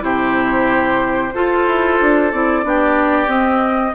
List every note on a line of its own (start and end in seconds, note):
0.00 1.32 C3
0.00 1.30 E4
0.00 1.34 G4
0.00 2.31 C5
1.34 1.66 F4
1.34 2.32 F4
1.34 2.64 A4
1.66 1.99 E4
2.00 2.33 D4
2.31 2.64 C4
2.31 2.63 E4
2.31 3.29 D5
2.63 3.27 B3
2.63 3.27 D4
2.63 3.94 G4
3.27 3.92 C4
3.27 3.94 D#5